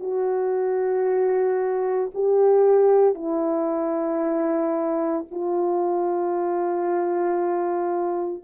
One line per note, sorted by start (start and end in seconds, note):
0.00 2.11 F#4
2.14 3.15 G4
3.15 5.25 E4
5.31 8.44 F4